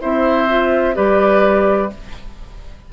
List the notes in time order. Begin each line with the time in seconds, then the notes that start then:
0.00 C4 E4 C5 E5
0.48 F4
0.94 G3 G4 B4 D5